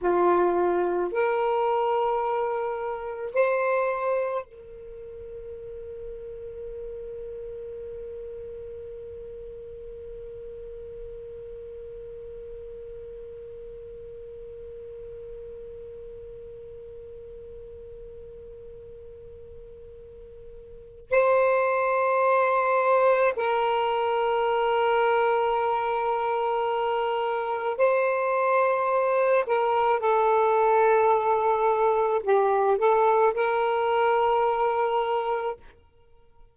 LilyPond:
\new Staff \with { instrumentName = "saxophone" } { \time 4/4 \tempo 4 = 54 f'4 ais'2 c''4 | ais'1~ | ais'1~ | ais'1~ |
ais'2. c''4~ | c''4 ais'2.~ | ais'4 c''4. ais'8 a'4~ | a'4 g'8 a'8 ais'2 | }